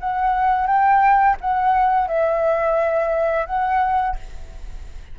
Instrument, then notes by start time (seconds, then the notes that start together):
flute
0.00 F#5
0.67 G5
1.41 F#5
2.08 E5
3.46 F#5